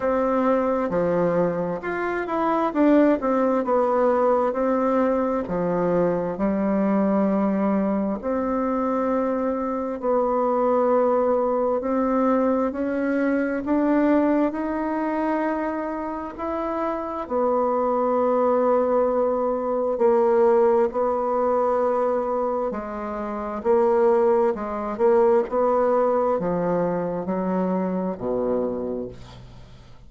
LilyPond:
\new Staff \with { instrumentName = "bassoon" } { \time 4/4 \tempo 4 = 66 c'4 f4 f'8 e'8 d'8 c'8 | b4 c'4 f4 g4~ | g4 c'2 b4~ | b4 c'4 cis'4 d'4 |
dis'2 e'4 b4~ | b2 ais4 b4~ | b4 gis4 ais4 gis8 ais8 | b4 f4 fis4 b,4 | }